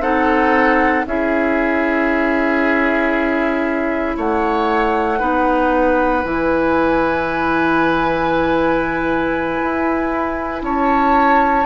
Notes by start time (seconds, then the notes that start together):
0.00 C4 D#4 A4 F#5
1.06 C#4 E4 G#4 E5
4.16 A3 C#5 F#5
5.19 B3 D#4 B4
6.23 E3 E4 G#5
9.62 E4
10.62 C#4 C#5 A5